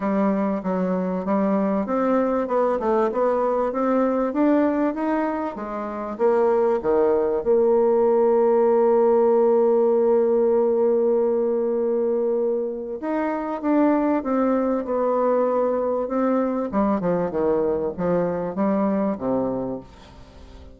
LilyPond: \new Staff \with { instrumentName = "bassoon" } { \time 4/4 \tempo 4 = 97 g4 fis4 g4 c'4 | b8 a8 b4 c'4 d'4 | dis'4 gis4 ais4 dis4 | ais1~ |
ais1~ | ais4 dis'4 d'4 c'4 | b2 c'4 g8 f8 | dis4 f4 g4 c4 | }